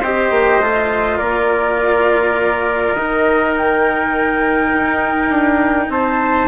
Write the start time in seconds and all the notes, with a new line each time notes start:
0.00 C4 G4 C5 D#5
0.30 A#3
0.60 A3 F4
1.17 A#3 A#4 D5
2.93 D#3 D#4 D#5
3.57 G5
4.74 D#4
5.29 D4
5.88 C4 C5 A5